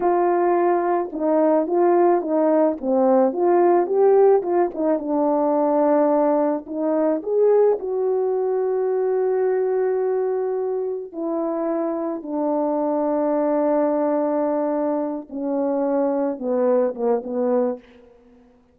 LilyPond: \new Staff \with { instrumentName = "horn" } { \time 4/4 \tempo 4 = 108 f'2 dis'4 f'4 | dis'4 c'4 f'4 g'4 | f'8 dis'8 d'2. | dis'4 gis'4 fis'2~ |
fis'1 | e'2 d'2~ | d'2.~ d'8 cis'8~ | cis'4. b4 ais8 b4 | }